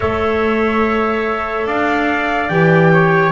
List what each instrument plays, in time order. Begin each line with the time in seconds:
0.00 double bass A3, clarinet A4, trumpet C#5, flute E5
1.66 double bass D4, trumpet D5, flute F5
2.48 double bass E3, clarinet G4, flute G5
2.92 trumpet C#5